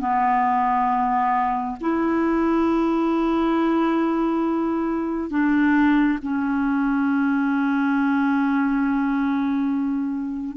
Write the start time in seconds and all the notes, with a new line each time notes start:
0.00 B3
1.80 E4
5.30 D4
6.22 C#4